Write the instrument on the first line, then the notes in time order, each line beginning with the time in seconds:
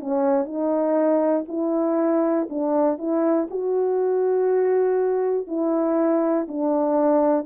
horn
0.00 C#4
0.45 D#4
1.48 E4
2.50 D4
2.99 E4
3.51 F#4
5.48 E4
6.48 D4